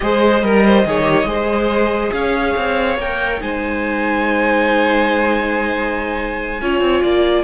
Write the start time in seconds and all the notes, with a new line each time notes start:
0.00 G#3 G#4 C5 D#5
0.42 G3 A#4
0.65 C5
0.85 D#3 G#4 C#5
1.02 G4
1.25 G#3 G#4 C5
2.12 C#4 C#5 F5
2.56 C4
2.98 A#3 A#4 G5
3.40 G#3 D#4 C5 G#5
6.61 C#4 F4 C#5
6.80 C4
7.02 A#3 D5